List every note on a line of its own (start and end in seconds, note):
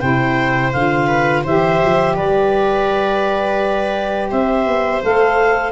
0.00 0.73 C3
0.00 0.72 E4
0.00 1.07 C5
0.00 0.71 G5
0.72 1.45 D3
0.72 1.46 F4
0.72 1.43 F5
1.07 1.43 B4
1.43 1.81 E3
1.43 5.02 G4
1.43 2.15 C5
1.43 2.16 E5
1.84 2.18 F3
2.16 4.32 G3
2.16 4.30 B4
2.16 4.31 D5
4.30 4.66 C4
4.30 5.72 C5
4.30 5.02 E5
4.66 5.02 B3
5.02 5.72 A3
5.02 5.72 A4
5.02 5.72 F5